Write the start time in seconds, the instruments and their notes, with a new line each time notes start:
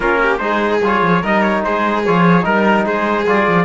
0.00 cello A#3, trombone C#4, violin F4, trumpet A#4
0.22 violin G4
0.37 cello G#3, trombone D#4, violin G#4, trumpet C5
0.81 cello G3, trombone F4, trumpet C#5
1.01 cello F3
1.21 cello G3, trombone D#4, violin A#4, trumpet D#5
1.41 trumpet C#5
1.64 cello G#3, violin G#4, trumpet C5
2.05 cello F3, trombone F4, trumpet C#5
2.41 cello G3, trombone D#4, violin A#4, trumpet A#4
2.85 cello G#3, violin G#4, trumpet C5
3.26 cello G3, trombone F4, trumpet D5
3.47 cello F3